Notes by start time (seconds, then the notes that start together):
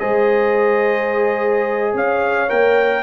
0.00 G#3 G#4 C5 D#5
1.94 C#4 C#5 F5
2.49 A#3 A#4 G5